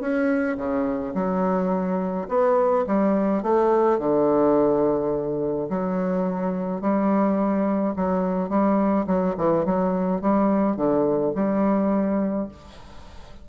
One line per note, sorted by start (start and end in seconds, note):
0.00 0.57 C#4
0.57 1.13 C#3
1.14 2.27 F#3
2.28 2.85 B3
2.86 3.42 G3
3.42 3.99 A3
3.99 5.68 D3
5.69 6.81 F#3
6.81 7.94 G3
7.96 8.49 F#3
8.49 9.06 G3
9.06 9.35 F#3
9.37 9.65 E3
9.65 10.21 F#3
10.21 10.76 G3
10.76 11.33 D3
11.35 12.48 G3